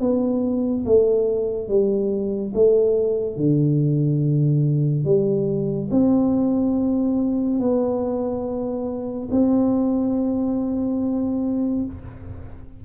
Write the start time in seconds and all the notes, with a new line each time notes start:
0.00 B3
0.86 A3
1.69 G3
2.54 A3
3.36 D3
5.05 G3
5.91 C4
7.60 B3
9.31 C4